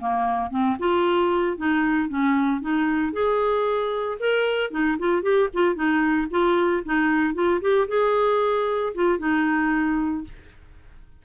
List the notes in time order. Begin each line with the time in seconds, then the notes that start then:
0.00 A#3
0.51 C4
0.80 F4
1.58 D#4
2.09 C#4
2.61 D#4
3.13 G#4
4.20 A#4
4.71 D#4
4.99 F4
5.23 G4
5.54 F4
5.75 D#4
6.31 F4
6.85 D#4
7.34 F4
7.62 G4
7.88 G#4
8.95 F4
9.19 D#4